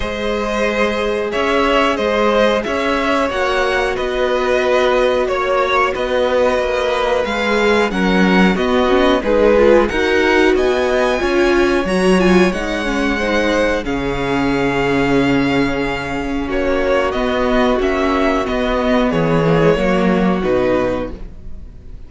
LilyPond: <<
  \new Staff \with { instrumentName = "violin" } { \time 4/4 \tempo 4 = 91 dis''2 e''4 dis''4 | e''4 fis''4 dis''2 | cis''4 dis''2 f''4 | fis''4 dis''4 b'4 fis''4 |
gis''2 ais''8 gis''8 fis''4~ | fis''4 f''2.~ | f''4 cis''4 dis''4 e''4 | dis''4 cis''2 b'4 | }
  \new Staff \with { instrumentName = "violin" } { \time 4/4 c''2 cis''4 c''4 | cis''2 b'2 | cis''4 b'2. | ais'4 fis'4 gis'4 ais'4 |
dis''4 cis''2. | c''4 gis'2.~ | gis'4 fis'2.~ | fis'4 gis'4 fis'2 | }
  \new Staff \with { instrumentName = "viola" } { \time 4/4 gis'1~ | gis'4 fis'2.~ | fis'2. gis'4 | cis'4 b8 cis'8 dis'8 f'8 fis'4~ |
fis'4 f'4 fis'8 f'8 dis'8 cis'8 | dis'4 cis'2.~ | cis'2 b4 cis'4 | b4. ais16 gis16 ais4 dis'4 | }
  \new Staff \with { instrumentName = "cello" } { \time 4/4 gis2 cis'4 gis4 | cis'4 ais4 b2 | ais4 b4 ais4 gis4 | fis4 b4 gis4 dis'4 |
b4 cis'4 fis4 gis4~ | gis4 cis2.~ | cis4 ais4 b4 ais4 | b4 e4 fis4 b,4 | }
>>